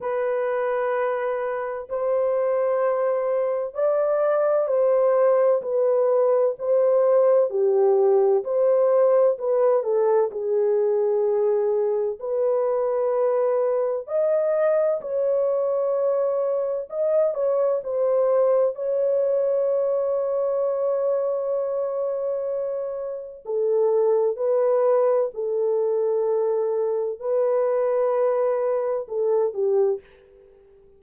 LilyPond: \new Staff \with { instrumentName = "horn" } { \time 4/4 \tempo 4 = 64 b'2 c''2 | d''4 c''4 b'4 c''4 | g'4 c''4 b'8 a'8 gis'4~ | gis'4 b'2 dis''4 |
cis''2 dis''8 cis''8 c''4 | cis''1~ | cis''4 a'4 b'4 a'4~ | a'4 b'2 a'8 g'8 | }